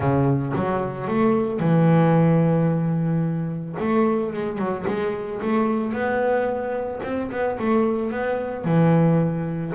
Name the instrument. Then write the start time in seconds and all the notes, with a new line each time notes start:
double bass
0.00 C#3
0.55 F#3
1.07 A3
1.59 E3
3.79 A3
4.33 G#3
4.58 F#3
4.87 G#3
5.42 A3
5.92 B3
7.03 C4
7.31 B3
7.58 A3
8.11 B3
8.64 E3